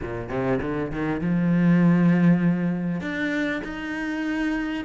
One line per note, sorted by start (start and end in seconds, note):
0.01 0.29 A#2
0.29 0.59 C3
0.61 0.91 D3
0.91 1.21 D#3
1.21 3.01 F3
3.01 3.61 D4
3.64 4.84 D#4